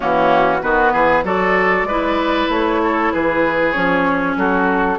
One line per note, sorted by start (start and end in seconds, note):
0.00 0.63 E3
0.00 0.59 A#3
0.00 0.61 C#4
0.00 0.62 F#4
0.62 0.93 D#3
0.62 1.24 B3
0.62 0.92 F#4
0.62 1.24 B4
0.92 1.23 E3
0.92 1.24 G#4
1.23 1.83 F#3
1.23 1.87 F#4
1.23 1.87 A4
1.23 2.50 D5
1.83 2.46 G#3
1.83 2.81 B4
1.89 3.73 E4
2.49 3.11 A3
2.49 3.12 C#5
2.83 3.12 A4
3.12 3.75 E3
3.12 4.37 G#4
3.12 3.72 B4
3.72 4.36 F3
3.72 4.98 C#4
3.72 4.34 C#5
4.36 4.98 F#3
4.36 4.98 F#4
4.36 4.98 A4